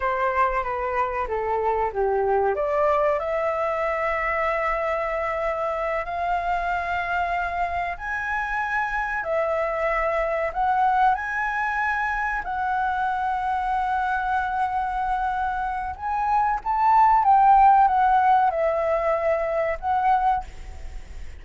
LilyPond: \new Staff \with { instrumentName = "flute" } { \time 4/4 \tempo 4 = 94 c''4 b'4 a'4 g'4 | d''4 e''2.~ | e''4. f''2~ f''8~ | f''8 gis''2 e''4.~ |
e''8 fis''4 gis''2 fis''8~ | fis''1~ | fis''4 gis''4 a''4 g''4 | fis''4 e''2 fis''4 | }